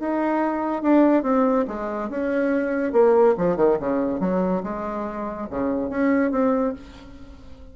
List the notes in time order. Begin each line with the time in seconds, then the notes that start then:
0.00 D#4
0.83 D4
1.23 C4
1.68 G#3
2.10 C#4
2.93 A#3
3.38 F3
3.57 D#3
3.80 C#3
4.21 F#3
4.63 G#3
5.50 C#3
5.90 C#4
6.32 C4